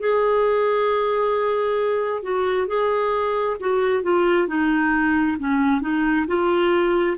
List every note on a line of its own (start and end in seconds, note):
0.00 2.23 G#4
2.23 2.67 F#4
2.67 3.57 G#4
3.61 4.03 F#4
4.03 4.48 F4
4.48 5.38 D#4
5.39 5.82 C#4
5.82 6.26 D#4
6.28 7.17 F4